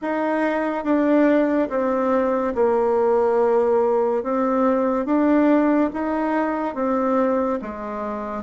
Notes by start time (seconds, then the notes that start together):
0.01 D#4
0.84 D4
1.69 C4
2.54 A#3
4.23 C4
5.05 D4
5.93 D#4
6.74 C4
7.61 G#3